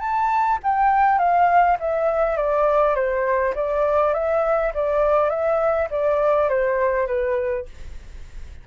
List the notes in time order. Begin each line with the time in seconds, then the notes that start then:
0.00 A5
0.63 G5
1.18 F5
1.80 E5
2.37 D5
2.95 C5
3.55 D5
4.14 E5
4.74 D5
5.30 E5
5.90 D5
6.49 C5
7.07 B4